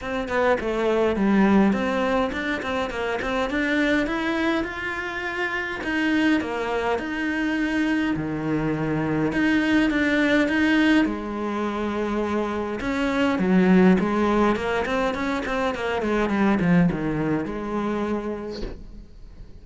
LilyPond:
\new Staff \with { instrumentName = "cello" } { \time 4/4 \tempo 4 = 103 c'8 b8 a4 g4 c'4 | d'8 c'8 ais8 c'8 d'4 e'4 | f'2 dis'4 ais4 | dis'2 dis2 |
dis'4 d'4 dis'4 gis4~ | gis2 cis'4 fis4 | gis4 ais8 c'8 cis'8 c'8 ais8 gis8 | g8 f8 dis4 gis2 | }